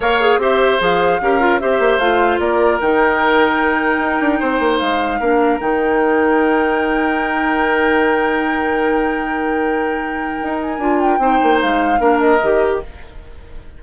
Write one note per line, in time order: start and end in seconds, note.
0.00 0.37 A#3
0.00 0.20 A#4
0.00 0.39 C#5
0.00 0.41 F5
0.20 0.40 G#4
0.37 0.77 C4
0.37 0.79 G4
0.37 1.21 C5
0.37 0.82 E5
0.79 1.20 F3
0.79 1.19 G#4
0.79 1.60 F5
1.20 1.60 C#4
1.20 1.40 G4
1.20 1.61 A#4
1.40 1.60 F4
1.60 1.79 C4
1.60 2.00 G4
1.60 2.41 C5
1.60 1.99 E5
1.79 1.98 A#3
1.98 2.38 A3
1.98 2.80 F4
1.98 2.39 F5
2.39 2.79 A#3
2.39 4.39 A#4
2.39 2.79 D5
2.80 3.98 D#3
2.80 5.20 D#4
2.80 4.78 G5
3.98 4.18 D#4
4.20 4.40 D4
4.39 4.59 C4
4.39 5.19 C5
4.59 4.79 A#3
4.78 5.20 G#3
4.78 5.58 F5
5.20 5.60 A#3
5.20 5.59 D4
5.20 11.20 A#4
5.59 10.40 D#3
5.59 10.79 D#4
5.59 10.59 G5
10.42 10.78 D#4
10.62 10.99 G#5
10.78 11.18 D4
10.78 11.19 F4
10.99 11.59 G5
11.18 11.38 C4
11.18 11.98 D#4
11.18 12.00 C5
11.43 11.62 A#3
11.61 11.99 G#3
11.61 12.18 F5
11.98 12.39 A#3
11.98 12.38 D4
11.98 12.80 A#4
12.18 12.78 D#5
12.43 12.83 D#3
12.43 12.83 G4